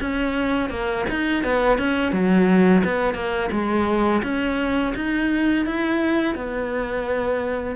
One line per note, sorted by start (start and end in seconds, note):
0.00 0.70 C#4
0.70 1.05 A#3
1.09 1.43 D#4
1.43 1.78 B3
1.78 2.12 C#4
2.12 2.83 F#3
2.84 3.14 B3
3.14 3.49 A#3
3.51 4.22 G#3
4.23 4.93 C#4
4.95 5.65 D#4
5.65 6.35 E4
6.35 7.76 B3